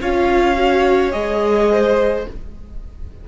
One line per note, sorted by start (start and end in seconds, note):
0.00 1.13 C#4
0.00 0.55 F4
0.00 1.70 C#5
0.00 1.11 F5
0.55 1.11 F#4
1.11 2.26 G#3
1.11 2.24 G#4
1.11 2.25 D#5
1.71 2.28 C5